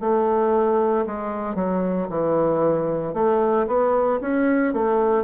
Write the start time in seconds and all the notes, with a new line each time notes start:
0.00 A3
1.06 G#3
1.55 F#3
2.09 E3
3.14 A3
3.67 B3
4.21 C#4
4.73 A3